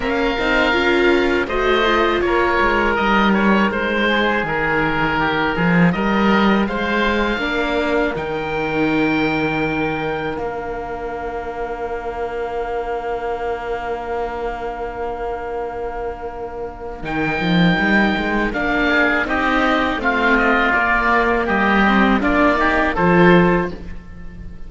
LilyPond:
<<
  \new Staff \with { instrumentName = "oboe" } { \time 4/4 \tempo 4 = 81 f''2 dis''4 cis''4 | dis''8 cis''8 c''4 ais'2 | dis''4 f''2 g''4~ | g''2 f''2~ |
f''1~ | f''2. g''4~ | g''4 f''4 dis''4 f''8 dis''8 | d''4 dis''4 d''4 c''4 | }
  \new Staff \with { instrumentName = "oboe" } { \time 4/4 ais'2 c''4 ais'4~ | ais'4. gis'4. g'8 gis'8 | ais'4 c''4 ais'2~ | ais'1~ |
ais'1~ | ais'1~ | ais'4. gis'8 g'4 f'4~ | f'4 g'4 f'8 g'8 a'4 | }
  \new Staff \with { instrumentName = "viola" } { \time 4/4 cis'8 dis'8 f'4 fis'8 f'4. | dis'1~ | dis'2 d'4 dis'4~ | dis'2 d'2~ |
d'1~ | d'2. dis'4~ | dis'4 d'4 dis'4 c'4 | ais4. c'8 d'8 dis'8 f'4 | }
  \new Staff \with { instrumentName = "cello" } { \time 4/4 ais8 c'8 cis'4 a4 ais8 gis8 | g4 gis4 dis4. f8 | g4 gis4 ais4 dis4~ | dis2 ais2~ |
ais1~ | ais2. dis8 f8 | g8 gis8 ais4 c'4 a4 | ais4 g4 ais4 f4 | }
>>